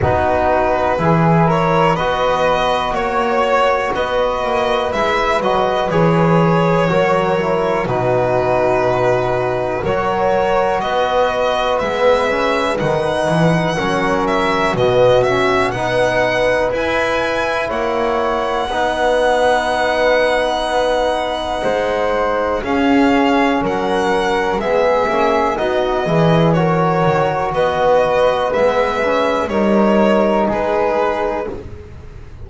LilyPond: <<
  \new Staff \with { instrumentName = "violin" } { \time 4/4 \tempo 4 = 61 b'4. cis''8 dis''4 cis''4 | dis''4 e''8 dis''8 cis''2 | b'2 cis''4 dis''4 | e''4 fis''4. e''8 dis''8 e''8 |
fis''4 gis''4 fis''2~ | fis''2. f''4 | fis''4 e''4 dis''4 cis''4 | dis''4 e''4 cis''4 b'4 | }
  \new Staff \with { instrumentName = "flute" } { \time 4/4 fis'4 gis'8 ais'8 b'4 cis''4 | b'2. ais'4 | fis'2 ais'4 b'4~ | b'2 ais'4 fis'4 |
b'2 cis''4 b'4~ | b'2 c''4 gis'4 | ais'4 gis'4 fis'8 gis'8 ais'4 | b'2 ais'4 gis'4 | }
  \new Staff \with { instrumentName = "trombone" } { \time 4/4 dis'4 e'4 fis'2~ | fis'4 e'8 fis'8 gis'4 fis'8 e'8 | dis'2 fis'2 | b8 cis'8 dis'4 cis'4 b8 cis'8 |
dis'4 e'2 dis'4~ | dis'2. cis'4~ | cis'4 b8 cis'8 dis'8 e'8 fis'4~ | fis'4 b8 cis'8 dis'2 | }
  \new Staff \with { instrumentName = "double bass" } { \time 4/4 b4 e4 b4 ais4 | b8 ais8 gis8 fis8 e4 fis4 | b,2 fis4 b4 | gis4 dis8 e8 fis4 b,4 |
b4 e'4 ais4 b4~ | b2 gis4 cis'4 | fis4 gis8 ais8 b8 e4 dis8 | b4 gis4 g4 gis4 | }
>>